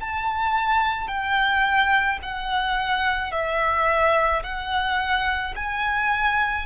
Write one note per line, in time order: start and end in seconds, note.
0.00 1.08 A5
1.08 2.19 G5
2.22 3.31 F#5
3.31 4.42 E5
4.43 5.54 F#5
5.56 6.66 G#5